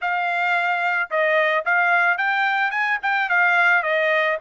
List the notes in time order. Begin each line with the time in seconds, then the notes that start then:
0.01 F5
1.10 D#5
1.65 F5
2.17 G5
2.70 G#5
3.02 G5
3.29 F5
3.83 D#5